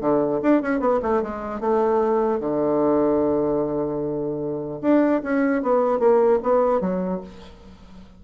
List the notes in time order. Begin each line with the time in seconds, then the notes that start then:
0.00 D3
0.42 D4
0.62 C#4
0.80 B3
1.02 A3
1.22 G#3
1.60 A3
2.39 D3
4.81 D4
5.23 C#4
5.62 B3
5.99 A#3
6.43 B3
6.80 F#3